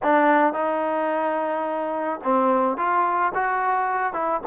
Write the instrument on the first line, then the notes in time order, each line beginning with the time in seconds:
trombone
0.03 D4
0.53 D#4
2.23 C4
2.77 F4
3.34 F#4
4.13 E4